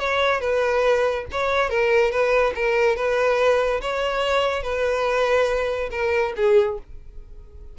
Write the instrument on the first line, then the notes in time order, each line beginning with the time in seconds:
violin
0.00 C#5
0.41 B4
1.32 C#5
1.70 A#4
2.11 B4
2.55 A#4
2.97 B4
3.81 C#5
4.63 B4
5.91 A#4
6.37 G#4